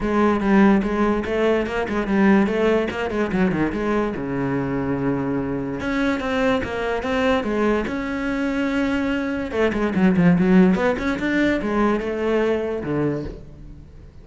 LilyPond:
\new Staff \with { instrumentName = "cello" } { \time 4/4 \tempo 4 = 145 gis4 g4 gis4 a4 | ais8 gis8 g4 a4 ais8 gis8 | fis8 dis8 gis4 cis2~ | cis2 cis'4 c'4 |
ais4 c'4 gis4 cis'4~ | cis'2. a8 gis8 | fis8 f8 fis4 b8 cis'8 d'4 | gis4 a2 d4 | }